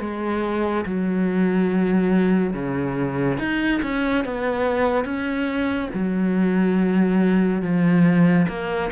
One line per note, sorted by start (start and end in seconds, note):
0.00 0.85 G#3
0.86 2.54 F#3
2.54 3.38 C#3
3.39 3.81 D#4
3.83 4.25 C#4
4.25 5.05 B3
5.05 5.89 C#4
5.93 7.62 F#3
7.62 8.46 F3
8.48 8.90 A#3